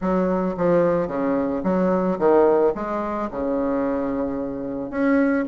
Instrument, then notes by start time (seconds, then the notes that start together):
bassoon
0.01 F#3
0.57 F3
1.07 C#3
1.63 F#3
2.18 D#3
2.74 G#3
3.30 C#3
4.90 C#4